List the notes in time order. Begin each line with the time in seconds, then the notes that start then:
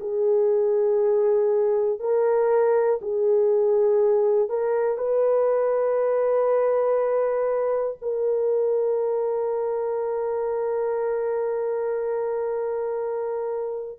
0.00 G#4
1.99 A#4
3.01 G#4
4.49 A#4
4.97 B4
8.01 A#4